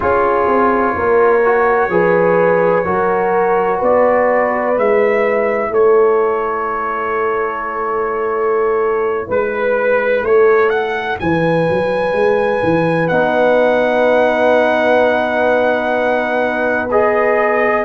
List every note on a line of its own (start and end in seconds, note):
0.00 0.47 C#4
0.00 1.41 F4
0.00 0.94 G#4
0.00 3.81 C#5
0.47 0.94 C4
0.95 1.89 A#3
0.95 1.91 A#4
1.45 1.90 F#4
1.89 2.84 F3
1.89 2.85 G#4
1.89 2.85 B4
2.85 3.80 F#3
2.85 4.74 F#4
2.85 3.78 A#4
3.78 4.77 B3
3.78 5.68 B4
3.78 4.78 D5
4.74 5.70 G#3
4.74 13.07 E4
4.74 5.73 E5
5.70 9.27 A3
5.70 9.27 A4
5.70 9.30 C#5
9.27 10.22 G#3
9.27 10.23 B4
9.27 10.25 B4
10.22 11.17 A3
10.22 11.20 A4
10.22 10.69 C#5
10.69 11.17 F#5
11.19 11.69 E3
11.19 17.84 B4
11.19 13.08 G#5
11.69 12.12 F#3
12.12 12.60 G#3
12.62 13.10 E3
13.08 17.84 B3
13.08 16.89 D#4
13.08 16.88 F#5
16.91 17.84 G#4
16.91 17.84 D#5